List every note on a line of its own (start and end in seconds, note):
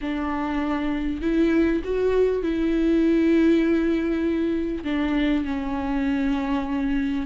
0.01 1.21 D4
1.21 1.82 E4
1.83 2.42 F#4
2.42 4.84 E4
4.84 5.44 D4
5.44 7.26 C#4